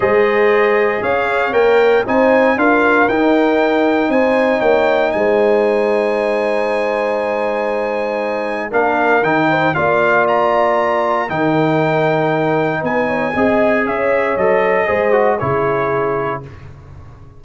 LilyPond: <<
  \new Staff \with { instrumentName = "trumpet" } { \time 4/4 \tempo 4 = 117 dis''2 f''4 g''4 | gis''4 f''4 g''2 | gis''4 g''4 gis''2~ | gis''1~ |
gis''4 f''4 g''4 f''4 | ais''2 g''2~ | g''4 gis''2 e''4 | dis''2 cis''2 | }
  \new Staff \with { instrumentName = "horn" } { \time 4/4 c''2 cis''2 | c''4 ais'2. | c''4 cis''4 c''2~ | c''1~ |
c''4 ais'4. c''8 d''4~ | d''2 ais'2~ | ais'4 b'8 cis''8 dis''4 cis''4~ | cis''4 c''4 gis'2 | }
  \new Staff \with { instrumentName = "trombone" } { \time 4/4 gis'2. ais'4 | dis'4 f'4 dis'2~ | dis'1~ | dis'1~ |
dis'4 d'4 dis'4 f'4~ | f'2 dis'2~ | dis'2 gis'2 | a'4 gis'8 fis'8 e'2 | }
  \new Staff \with { instrumentName = "tuba" } { \time 4/4 gis2 cis'4 ais4 | c'4 d'4 dis'2 | c'4 ais4 gis2~ | gis1~ |
gis4 ais4 dis4 ais4~ | ais2 dis2~ | dis4 b4 c'4 cis'4 | fis4 gis4 cis2 | }
>>